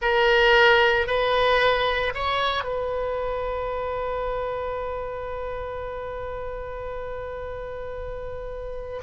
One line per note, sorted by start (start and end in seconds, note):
0.01 1.06 A#4
1.06 2.13 B4
2.14 2.64 C#5
2.64 9.01 B4